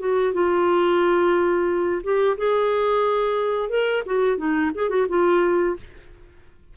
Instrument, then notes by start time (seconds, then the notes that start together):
clarinet
0.00 F#4
0.34 F4
2.04 G4
2.38 G#4
3.70 A#4
4.06 F#4
4.38 D#4
4.75 G#4
4.90 F#4
5.09 F4